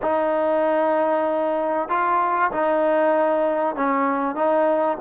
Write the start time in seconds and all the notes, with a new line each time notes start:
0.02 D#4
1.88 F4
2.51 D#4
3.75 C#4
4.35 D#4